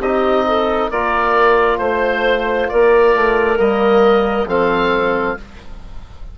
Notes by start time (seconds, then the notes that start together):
0.00 C4 D#4 G4 D#5
0.47 A4
0.90 A#3 F4 A#4 D5
1.78 A3 C5
2.69 A#3 A#4 D5
3.15 A3
3.57 G3 A#3 D#5
4.47 F3 C4 A4 F5